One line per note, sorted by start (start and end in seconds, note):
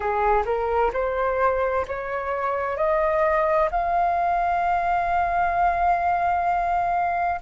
0.00 0.43 G#4
0.44 0.91 A#4
0.93 1.85 C5
1.87 2.77 C#5
2.77 3.69 D#5
3.71 7.40 F5